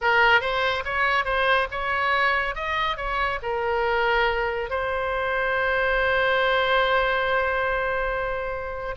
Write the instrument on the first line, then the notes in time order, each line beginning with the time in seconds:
oboe
0.01 A#4
0.40 C5
0.84 C#5
1.25 C5
1.71 C#5
2.55 D#5
2.96 C#5
3.42 A#4
4.69 C5